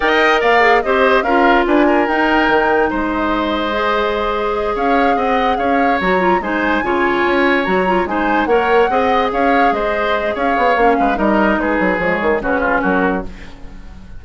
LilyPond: <<
  \new Staff \with { instrumentName = "flute" } { \time 4/4 \tempo 4 = 145 g''4 f''4 dis''4 f''4 | gis''4 g''2 dis''4~ | dis''2.~ dis''8 f''8~ | f''8 fis''4 f''4 ais''4 gis''8~ |
gis''2~ gis''8 ais''4 gis''8~ | gis''8 fis''2 f''4 dis''8~ | dis''4 f''2 dis''4 | b'4 cis''4 b'4 ais'4 | }
  \new Staff \with { instrumentName = "oboe" } { \time 4/4 dis''4 d''4 c''4 ais'4 | b'8 ais'2~ ais'8 c''4~ | c''2.~ c''8 cis''8~ | cis''8 dis''4 cis''2 c''8~ |
c''8 cis''2. c''8~ | c''8 cis''4 dis''4 cis''4 c''8~ | c''4 cis''4. b'8 ais'4 | gis'2 fis'8 f'8 fis'4 | }
  \new Staff \with { instrumentName = "clarinet" } { \time 4/4 ais'4. gis'8 g'4 f'4~ | f'4 dis'2.~ | dis'4 gis'2.~ | gis'2~ gis'8 fis'8 f'8 dis'8~ |
dis'8 f'2 fis'8 f'8 dis'8~ | dis'8 ais'4 gis'2~ gis'8~ | gis'2 cis'4 dis'4~ | dis'4 gis4 cis'2 | }
  \new Staff \with { instrumentName = "bassoon" } { \time 4/4 dis'4 ais4 c'4 cis'4 | d'4 dis'4 dis4 gis4~ | gis2.~ gis8 cis'8~ | cis'8 c'4 cis'4 fis4 gis8~ |
gis8 cis4 cis'4 fis4 gis8~ | gis8 ais4 c'4 cis'4 gis8~ | gis4 cis'8 b8 ais8 gis8 g4 | gis8 fis8 f8 dis8 cis4 fis4 | }
>>